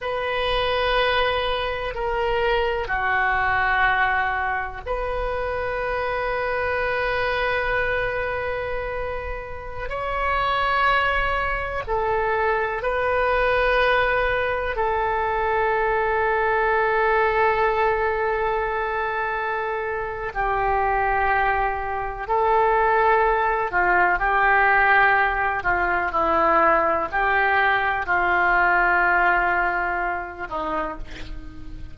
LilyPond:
\new Staff \with { instrumentName = "oboe" } { \time 4/4 \tempo 4 = 62 b'2 ais'4 fis'4~ | fis'4 b'2.~ | b'2~ b'16 cis''4.~ cis''16~ | cis''16 a'4 b'2 a'8.~ |
a'1~ | a'4 g'2 a'4~ | a'8 f'8 g'4. f'8 e'4 | g'4 f'2~ f'8 dis'8 | }